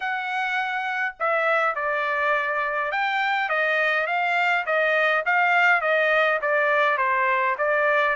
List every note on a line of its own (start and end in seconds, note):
0.00 1.15 F#5
1.19 1.75 E5
1.75 2.91 D5
2.91 3.49 G5
3.49 4.06 D#5
4.06 4.65 F5
4.65 5.24 D#5
5.25 5.81 F5
5.81 6.39 D#5
6.41 6.97 D5
6.97 7.56 C5
7.58 8.16 D5